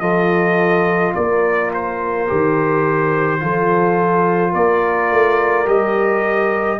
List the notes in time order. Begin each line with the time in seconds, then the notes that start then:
0.00 F3 F4 A4 D#5
1.15 A#3 A#4 D5
1.74 C5
2.27 D#3 G4
3.40 F3 F4 A4
4.52 A#3 A#4 D5
5.11 A3
5.65 G3 G4 D#5